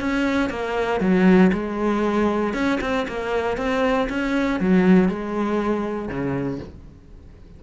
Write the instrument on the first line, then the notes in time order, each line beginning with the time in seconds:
cello
0.00 C#4
0.49 A#3
1.01 F#3
1.53 G#3
2.54 C#4
2.81 C4
3.08 A#3
3.57 C4
4.09 C#4
4.60 F#3
5.09 G#3
6.08 C#3